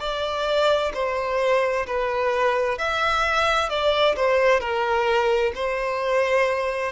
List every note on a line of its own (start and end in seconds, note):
0.00 0.92 D5
0.94 1.87 C5
1.87 2.79 B4
2.79 3.70 E5
3.70 4.16 D5
4.16 4.61 C5
4.61 5.53 A#4
5.56 6.92 C5